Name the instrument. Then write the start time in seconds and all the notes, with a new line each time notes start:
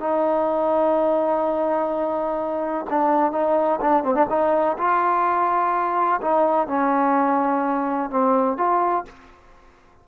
trombone
0.00 D#4
2.90 D4
3.32 D#4
3.81 D4
4.04 C4
4.15 D4
4.29 D#4
4.78 F4
6.21 D#4
6.67 C#4
8.10 C4
8.58 F4